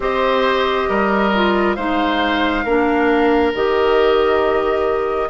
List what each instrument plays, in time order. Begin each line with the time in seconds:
0.00 bassoon C4, clarinet G4, oboe C5, flute D#5
0.88 bassoon G3, oboe A#4
1.34 clarinet F4
1.75 bassoon G#3, clarinet D#4, oboe C5, flute F5
2.63 bassoon A#3, clarinet D4, oboe A#4
3.54 bassoon D#3, clarinet G4, flute D#5